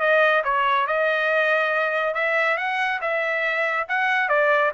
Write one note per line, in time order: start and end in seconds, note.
0.00 0.43 D#5
0.44 0.87 C#5
0.87 2.14 D#5
2.14 2.57 E5
2.57 3.00 F#5
3.01 3.87 E5
3.88 4.29 F#5
4.29 4.72 D5